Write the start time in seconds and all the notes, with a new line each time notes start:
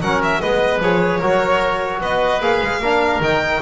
0.00 F#3 C#4 A#4 F#5
0.23 E5
0.41 G#3 B3 B4 D#5
0.79 F3 G#4 C#5
1.20 F#3 F#4 A#4
2.01 B3 B4 D#5
2.40 A#3 G#4 F5
2.61 G#3
2.79 A#3 D4 A#4
3.20 D#3 D#4 G5